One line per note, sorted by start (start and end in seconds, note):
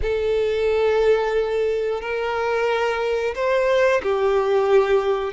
0.02 2.01 A4
2.01 3.34 A#4
3.35 4.02 C5
4.02 5.33 G4